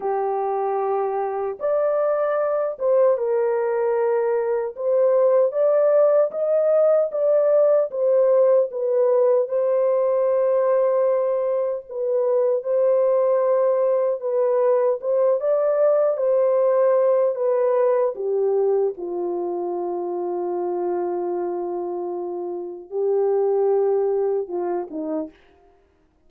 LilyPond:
\new Staff \with { instrumentName = "horn" } { \time 4/4 \tempo 4 = 76 g'2 d''4. c''8 | ais'2 c''4 d''4 | dis''4 d''4 c''4 b'4 | c''2. b'4 |
c''2 b'4 c''8 d''8~ | d''8 c''4. b'4 g'4 | f'1~ | f'4 g'2 f'8 dis'8 | }